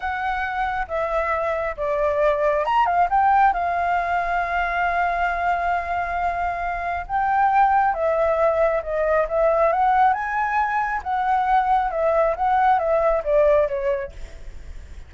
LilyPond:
\new Staff \with { instrumentName = "flute" } { \time 4/4 \tempo 4 = 136 fis''2 e''2 | d''2 ais''8 f''8 g''4 | f''1~ | f''1 |
g''2 e''2 | dis''4 e''4 fis''4 gis''4~ | gis''4 fis''2 e''4 | fis''4 e''4 d''4 cis''4 | }